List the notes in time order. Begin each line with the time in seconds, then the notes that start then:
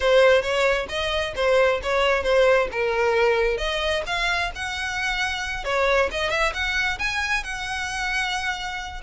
0.00 C5
0.41 C#5
0.89 D#5
1.35 C5
1.83 C#5
2.23 C5
2.71 A#4
3.57 D#5
4.06 F5
4.55 F#5
5.64 C#5
6.11 D#5
6.30 E5
6.53 F#5
6.98 G#5
7.43 F#5